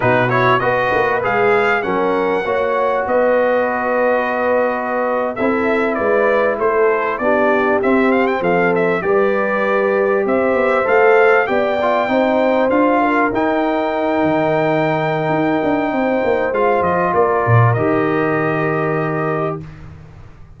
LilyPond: <<
  \new Staff \with { instrumentName = "trumpet" } { \time 4/4 \tempo 4 = 98 b'8 cis''8 dis''4 f''4 fis''4~ | fis''4 dis''2.~ | dis''8. e''4 d''4 c''4 d''16~ | d''8. e''8 f''16 g''16 f''8 e''8 d''4~ d''16~ |
d''8. e''4 f''4 g''4~ g''16~ | g''8. f''4 g''2~ g''16~ | g''2. f''8 dis''8 | d''4 dis''2. | }
  \new Staff \with { instrumentName = "horn" } { \time 4/4 fis'4 b'2 ais'4 | cis''4 b'2.~ | b'8. a'4 b'4 a'4 g'16~ | g'4.~ g'16 a'4 b'4~ b'16~ |
b'8. c''2 d''4 c''16~ | c''4~ c''16 ais'2~ ais'8.~ | ais'2 c''2 | ais'1 | }
  \new Staff \with { instrumentName = "trombone" } { \time 4/4 dis'8 e'8 fis'4 gis'4 cis'4 | fis'1~ | fis'8. e'2. d'16~ | d'8. c'2 g'4~ g'16~ |
g'4.~ g'16 a'4 g'8 f'8 dis'16~ | dis'8. f'4 dis'2~ dis'16~ | dis'2. f'4~ | f'4 g'2. | }
  \new Staff \with { instrumentName = "tuba" } { \time 4/4 b,4 b8 ais8 gis4 fis4 | ais4 b2.~ | b8. c'4 gis4 a4 b16~ | b8. c'4 f4 g4~ g16~ |
g8. c'8 b8 a4 b4 c'16~ | c'8. d'4 dis'4. dis8.~ | dis4 dis'8 d'8 c'8 ais8 gis8 f8 | ais8 ais,8 dis2. | }
>>